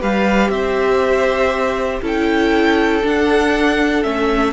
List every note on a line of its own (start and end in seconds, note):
0.00 0.49 G3
0.00 2.02 G4
0.00 0.50 B4
0.00 0.50 F5
0.49 2.01 C4
0.49 2.02 C5
0.49 2.01 E5
2.02 3.03 C#4
2.02 3.02 E4
2.02 4.53 A4
2.02 3.07 G5
3.02 4.03 D4
3.02 4.05 D4
3.02 4.03 F#5
4.03 4.53 A3
4.03 4.53 C#4
4.03 4.53 E5